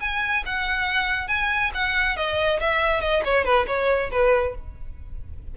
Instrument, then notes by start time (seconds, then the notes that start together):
violin
0.00 G#5
0.45 F#5
1.28 G#5
1.74 F#5
2.16 D#5
2.60 E5
3.01 D#5
3.24 C#5
3.44 B4
3.67 C#5
4.11 B4